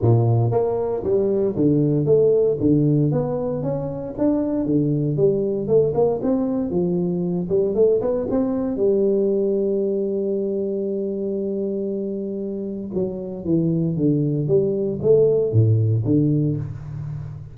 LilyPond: \new Staff \with { instrumentName = "tuba" } { \time 4/4 \tempo 4 = 116 ais,4 ais4 g4 d4 | a4 d4 b4 cis'4 | d'4 d4 g4 a8 ais8 | c'4 f4. g8 a8 b8 |
c'4 g2.~ | g1~ | g4 fis4 e4 d4 | g4 a4 a,4 d4 | }